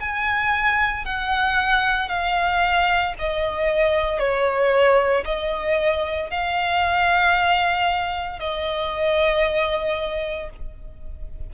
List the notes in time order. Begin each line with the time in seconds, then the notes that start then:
0.00 G#5
1.05 F#5
2.09 F5
3.19 D#5
4.19 C#5
5.25 D#5
6.31 F5
8.40 D#5